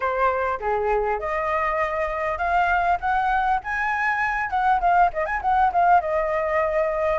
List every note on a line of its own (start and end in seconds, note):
0.00 0.59 C5
0.60 1.19 G#4
1.19 2.38 D#5
2.38 2.98 F5
3.00 3.60 F#5
3.63 4.50 G#5
4.50 4.80 F#5
4.80 5.10 F5
5.13 5.25 D#5
5.25 5.40 G#5
5.41 5.71 F#5
5.72 6.00 F5
6.00 7.19 D#5